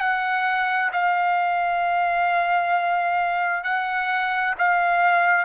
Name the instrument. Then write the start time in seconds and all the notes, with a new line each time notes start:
trumpet
0.00 F#5
0.93 F5
3.63 F#5
4.59 F5